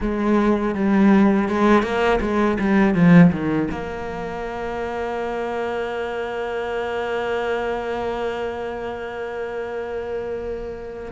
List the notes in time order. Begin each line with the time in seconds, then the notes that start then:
0.00 G#3
0.74 G3
1.48 G#3
1.82 A#3
2.20 G#3
2.59 G3
2.94 F3
3.31 D#3
3.71 A#3